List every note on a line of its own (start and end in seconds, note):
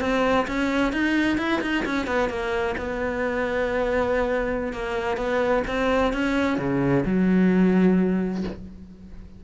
0.00 0.46 C4
0.47 0.92 C#4
0.92 1.38 D#4
1.38 1.61 E4
1.61 1.84 D#4
1.85 2.06 C#4
2.06 2.29 B3
2.29 2.75 A#3
2.77 4.73 B3
4.73 5.17 A#3
5.17 5.63 B3
5.67 6.13 C4
6.13 6.58 C#4
6.58 7.04 C#3
7.05 8.44 F#3